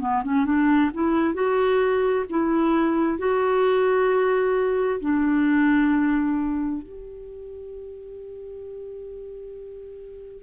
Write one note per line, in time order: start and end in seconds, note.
0.00 0.23 B3
0.24 0.45 C#4
0.45 0.91 D4
0.94 1.34 E4
1.34 2.25 F#4
2.30 3.19 E4
3.19 5.00 F#4
5.01 6.83 D4
6.83 10.43 G4